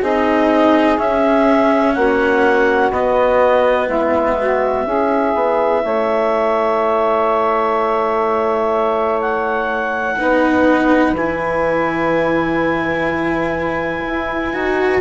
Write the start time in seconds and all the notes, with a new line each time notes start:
0.00 C4 D#4 G#4 D#5
0.98 C#4 E5
1.95 A#3 F#4 F#5
2.91 B3 D#5
3.87 G#3 E4 E5
4.37 F#4
4.85 C#4 E4 G#4
5.35 B3
5.83 A3 C#5
9.22 F#5
10.16 B3 D#4 B4
11.13 E3 E4 G#5
14.07 E4
14.54 D#4 F#4